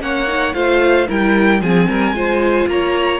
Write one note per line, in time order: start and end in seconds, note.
0.00 0.54 A#3
0.00 0.27 C#4
0.00 0.55 C#5
0.00 0.54 F#5
0.28 0.54 D#4
0.54 1.08 A3
0.54 1.07 F4
0.54 1.08 C5
0.54 1.07 F5
1.08 1.61 G3
1.08 1.62 E4
1.08 1.61 A#4
1.08 1.62 G5
1.61 1.88 F3
1.61 2.15 C4
1.61 1.89 G#4
1.61 2.68 G#5
1.89 2.13 G3
1.89 2.15 A#4
2.13 2.66 G#3
2.13 3.20 F4
2.13 2.69 C5
2.68 3.20 A#3
2.68 3.20 C#5
2.68 3.20 A#5